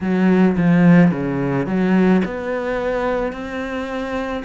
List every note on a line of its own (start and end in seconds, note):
0.01 0.56 F#3
0.57 1.11 F3
1.11 1.66 C#3
1.66 2.22 F#3
2.24 3.32 B3
3.32 4.43 C4